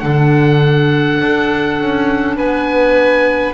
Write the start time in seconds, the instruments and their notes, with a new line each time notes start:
0.00 double bass D3, clarinet D4, violin A4, oboe F#5
1.22 double bass D4
1.81 double bass C#4
2.37 double bass B3, violin B4, oboe G#5